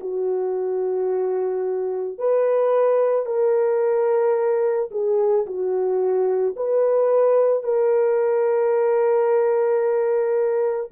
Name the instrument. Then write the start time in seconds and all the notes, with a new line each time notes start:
horn
0.00 F#4
2.18 B4
3.26 A#4
4.91 G#4
5.46 F#4
6.57 B4
7.64 A#4